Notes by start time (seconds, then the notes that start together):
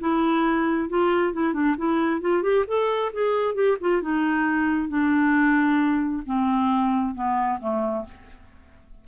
0.00 E4
0.89 F4
1.33 E4
1.54 D4
1.78 E4
2.21 F4
2.43 G4
2.68 A4
3.13 G#4
3.55 G4
3.81 F4
4.02 D#4
4.89 D4
6.26 C4
7.15 B3
7.61 A3